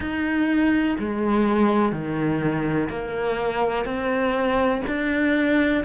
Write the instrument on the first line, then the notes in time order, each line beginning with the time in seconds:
cello
0.00 D#4
0.99 G#3
1.91 D#3
2.89 A#3
3.84 C4
4.87 D4